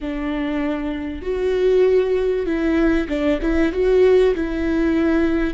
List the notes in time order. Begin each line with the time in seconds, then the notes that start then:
0.01 D4
1.22 F#4
2.45 E4
3.08 D4
3.41 E4
3.72 F#4
4.35 E4